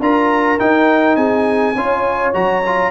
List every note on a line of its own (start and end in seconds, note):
0.00 0.58 D4
0.00 0.59 F4
0.00 1.17 A#4
0.00 0.59 A#5
0.59 1.75 D#4
0.59 1.16 D#4
0.59 1.16 G5
1.16 1.74 C4
1.16 1.75 G#4
1.16 2.32 G#5
1.75 2.33 C#4
1.75 2.33 F4
1.75 2.91 C#5
2.33 2.91 F#3
2.33 2.62 F#4
2.33 2.91 A#5
2.66 2.91 F4